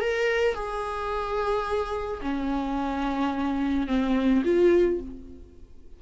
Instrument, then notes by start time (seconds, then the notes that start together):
viola
0.00 A#4
0.54 G#4
2.21 C#4
3.87 C4
4.44 F4